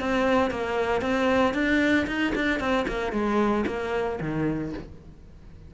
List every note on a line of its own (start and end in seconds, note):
0.00 0.51 C4
0.51 1.02 A#3
1.02 1.54 C4
1.54 2.07 D4
2.07 2.34 D#4
2.35 2.60 D4
2.60 2.86 C4
2.88 3.13 A#3
3.13 3.65 G#3
3.67 4.20 A#3
4.21 4.74 D#3